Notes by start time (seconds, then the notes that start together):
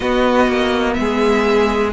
0.00 B3 F#4 D#5
0.48 A#3
0.93 G#3 E5
0.99 G#4